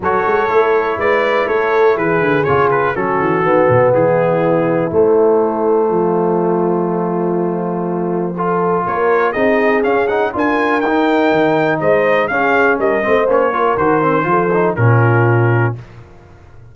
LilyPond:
<<
  \new Staff \with { instrumentName = "trumpet" } { \time 4/4 \tempo 4 = 122 cis''2 d''4 cis''4 | b'4 cis''8 b'8 a'2 | gis'2 c''2~ | c''1~ |
c''2 cis''4 dis''4 | f''8 fis''8 gis''4 g''2 | dis''4 f''4 dis''4 cis''4 | c''2 ais'2 | }
  \new Staff \with { instrumentName = "horn" } { \time 4/4 a'2 b'4 a'4 | gis'2 fis'2 | e'1 | f'1~ |
f'4 a'4 ais'4 gis'4~ | gis'4 ais'2. | c''4 gis'4 ais'8 c''4 ais'8~ | ais'4 a'4 f'2 | }
  \new Staff \with { instrumentName = "trombone" } { \time 4/4 fis'4 e'2.~ | e'4 f'4 cis'4 b4~ | b2 a2~ | a1~ |
a4 f'2 dis'4 | cis'8 dis'8 f'4 dis'2~ | dis'4 cis'4. c'8 cis'8 f'8 | fis'8 c'8 f'8 dis'8 cis'2 | }
  \new Staff \with { instrumentName = "tuba" } { \time 4/4 fis8 gis8 a4 gis4 a4 | e8 d8 cis4 fis8 e8 dis8 b,8 | e2 a2 | f1~ |
f2 ais4 c'4 | cis'4 d'4 dis'4 dis4 | gis4 cis'4 g8 a8 ais4 | dis4 f4 ais,2 | }
>>